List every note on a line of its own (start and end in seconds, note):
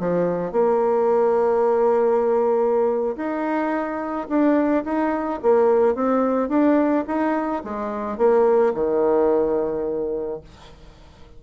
0.00 0.52 F3
0.52 3.16 A#3
3.17 4.28 D#4
4.29 4.84 D4
4.85 5.40 D#4
5.43 5.95 A#3
5.95 6.49 C4
6.49 7.05 D4
7.07 7.63 D#4
7.64 8.18 G#3
8.18 8.73 A#3
8.74 10.41 D#3